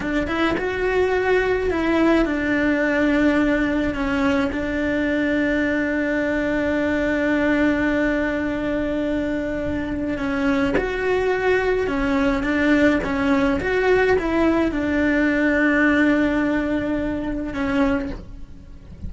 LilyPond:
\new Staff \with { instrumentName = "cello" } { \time 4/4 \tempo 4 = 106 d'8 e'8 fis'2 e'4 | d'2. cis'4 | d'1~ | d'1~ |
d'2 cis'4 fis'4~ | fis'4 cis'4 d'4 cis'4 | fis'4 e'4 d'2~ | d'2. cis'4 | }